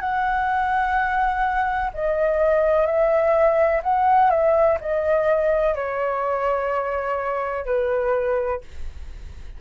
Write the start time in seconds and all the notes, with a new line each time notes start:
0.00 F#5
1.94 D#5
2.86 E5
3.83 F#5
4.30 E5
4.81 D#5
5.75 C#5
7.65 B4